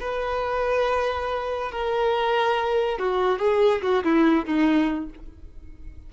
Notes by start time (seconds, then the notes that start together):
0.00 B4
1.72 A#4
2.99 F#4
3.39 G#4
3.82 F#4
4.04 E4
4.45 D#4